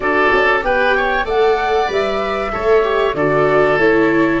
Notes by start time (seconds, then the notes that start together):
0.00 D4 F#4 A4 D5
0.32 C#4
0.61 B3 G4 B4 G5
0.96 C#5
1.24 A3 A4 D5 F#5
1.87 G3 B4 E5
2.52 A3 A4 C#5
2.82 G4
3.14 D3 F#4 A4 D5
3.76 A3 E4 C#5